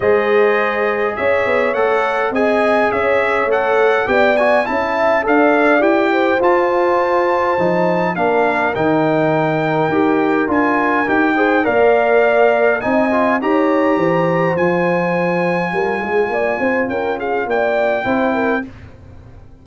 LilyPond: <<
  \new Staff \with { instrumentName = "trumpet" } { \time 4/4 \tempo 4 = 103 dis''2 e''4 fis''4 | gis''4 e''4 fis''4 g''8 gis''8 | a''4 f''4 g''4 a''4~ | a''2 f''4 g''4~ |
g''2 gis''4 g''4 | f''2 gis''4 ais''4~ | ais''4 gis''2.~ | gis''4 g''8 f''8 g''2 | }
  \new Staff \with { instrumentName = "horn" } { \time 4/4 c''2 cis''2 | dis''4 cis''2 d''4 | e''4 d''4. c''4.~ | c''2 ais'2~ |
ais'2.~ ais'8 c''8 | d''2 dis''4 cis''4 | c''2. ais'8 gis'8 | d''8 c''8 ais'8 gis'8 d''4 c''8 ais'8 | }
  \new Staff \with { instrumentName = "trombone" } { \time 4/4 gis'2. a'4 | gis'2 a'4 g'8 fis'8 | e'4 a'4 g'4 f'4~ | f'4 dis'4 d'4 dis'4~ |
dis'4 g'4 f'4 g'8 gis'8 | ais'2 dis'8 f'8 g'4~ | g'4 f'2.~ | f'2. e'4 | }
  \new Staff \with { instrumentName = "tuba" } { \time 4/4 gis2 cis'8 b8 a4 | c'4 cis'4 a4 b4 | cis'4 d'4 e'4 f'4~ | f'4 f4 ais4 dis4~ |
dis4 dis'4 d'4 dis'4 | ais2 c'4 dis'4 | e4 f2 g8 gis8 | ais8 c'8 cis'4 ais4 c'4 | }
>>